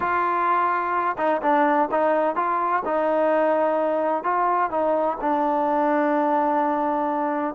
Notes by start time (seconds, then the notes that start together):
0.00 F4
1.17 D#4
1.42 D4
1.91 D#4
2.35 F4
2.85 D#4
4.23 F4
4.70 D#4
5.20 D4